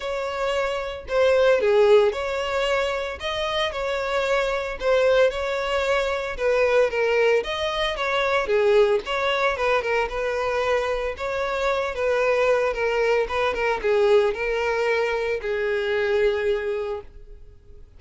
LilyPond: \new Staff \with { instrumentName = "violin" } { \time 4/4 \tempo 4 = 113 cis''2 c''4 gis'4 | cis''2 dis''4 cis''4~ | cis''4 c''4 cis''2 | b'4 ais'4 dis''4 cis''4 |
gis'4 cis''4 b'8 ais'8 b'4~ | b'4 cis''4. b'4. | ais'4 b'8 ais'8 gis'4 ais'4~ | ais'4 gis'2. | }